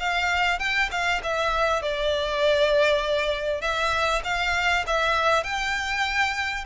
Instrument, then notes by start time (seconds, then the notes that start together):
violin
0.00 F5
0.60 G5
0.91 F5
1.23 E5
1.82 D5
3.61 E5
4.24 F5
4.87 E5
5.44 G5